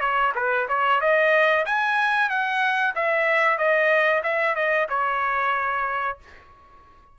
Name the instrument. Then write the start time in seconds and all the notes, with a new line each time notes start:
trumpet
0.00 C#5
0.35 B4
0.68 C#5
1.01 D#5
1.65 G#5
2.29 F#5
2.95 E5
3.58 D#5
4.23 E5
4.55 D#5
4.89 C#5